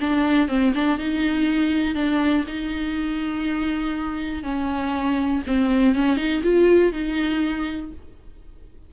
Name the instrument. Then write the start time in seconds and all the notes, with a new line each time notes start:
viola
0.00 D4
0.48 C4
0.75 D4
0.98 D#4
1.95 D4
2.47 D#4
4.43 C#4
5.46 C4
5.95 C#4
6.16 D#4
6.43 F4
6.92 D#4